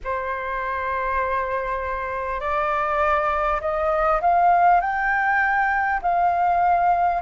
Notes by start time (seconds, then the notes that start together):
0.03 C5
2.40 D5
3.61 D#5
4.21 F5
4.80 G5
6.02 F5